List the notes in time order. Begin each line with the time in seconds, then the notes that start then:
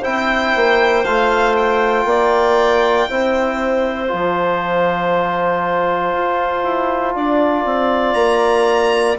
0.00 C4 E4 C5 G5
0.55 A#3
1.04 A3 F4 F5
1.56 G5
2.04 A#3 D5
3.09 C4 E4 C5
4.08 F3 F4 A5
6.13 F4
6.63 E4
7.15 D4 D5
7.64 C4
8.13 A#3 A#5